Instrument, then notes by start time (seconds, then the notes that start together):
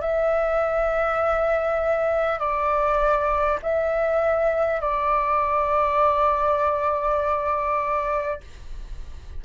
flute
0.00 E5
2.38 D5
3.62 E5
4.81 D5